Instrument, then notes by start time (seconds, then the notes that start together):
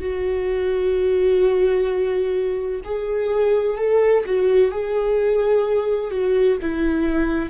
viola
0.00 F#4
2.84 G#4
3.78 A4
4.26 F#4
4.71 G#4
6.11 F#4
6.62 E4